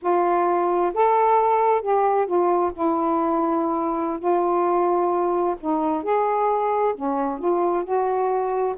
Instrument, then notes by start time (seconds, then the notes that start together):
saxophone
0.02 F4
0.94 A4
1.81 G4
2.26 F4
2.73 E4
4.19 F4
5.60 D#4
6.03 G#4
6.94 C#4
7.38 F4
7.84 F#4